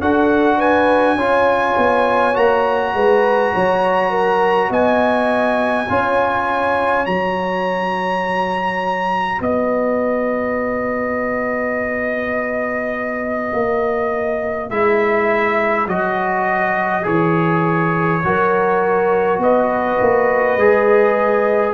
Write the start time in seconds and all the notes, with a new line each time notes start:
0.00 D4 F#4 A4 F#5
0.57 B4 G#5
1.15 C#4 F4 C#5
1.77 B3
2.34 A#3 F#4 A#5
2.94 G#3 B4
3.54 F#3 C#5
4.10 A#4
4.70 B3 D#5 G#5
5.89 C#4 F4 C#5
7.06 F#3 F#4 A#5
9.38 B3 B4 D#5
13.53 A#3
14.70 G#3 E4 E5
15.87 F#3 F#4 D#5
17.03 E3 G#4 C#5
18.24 F#3 F#4 A#4
19.38 B3 B4 D#5
20.00 A#3
20.57 G#3 G#4